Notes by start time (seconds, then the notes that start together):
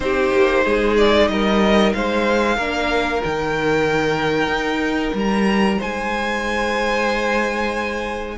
0.00 C4 D#4 G4 C5
0.32 A#3
0.64 G#3 G#4
0.96 D5
1.27 G3 A#4 D#5
1.93 G#3 C5 F5
2.56 A#3 D4 A#4
3.21 D#3 D#4 G5
4.47 D#4
5.13 G3 A#5
5.78 G#3 C5 G#5